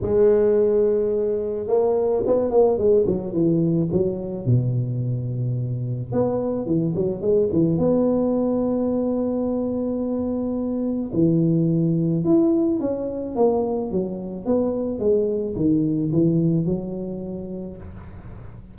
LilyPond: \new Staff \with { instrumentName = "tuba" } { \time 4/4 \tempo 4 = 108 gis2. ais4 | b8 ais8 gis8 fis8 e4 fis4 | b,2. b4 | e8 fis8 gis8 e8 b2~ |
b1 | e2 e'4 cis'4 | ais4 fis4 b4 gis4 | dis4 e4 fis2 | }